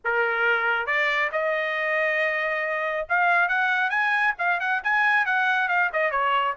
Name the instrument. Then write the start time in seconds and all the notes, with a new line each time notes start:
trumpet
0.04 A#4
0.86 D5
1.32 D#5
3.09 F5
3.48 F#5
3.90 G#5
4.38 F5
4.60 F#5
4.83 G#5
5.25 F#5
5.68 F5
5.92 D#5
6.11 C#5